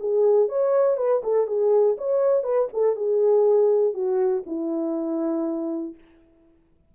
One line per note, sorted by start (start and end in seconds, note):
0.00 0.49 G#4
0.49 0.97 C#5
0.97 1.22 B4
1.24 1.47 A4
1.47 1.97 G#4
1.98 2.43 C#5
2.43 2.68 B4
2.73 2.96 A4
2.96 3.94 G#4
3.94 4.44 F#4
4.46 5.95 E4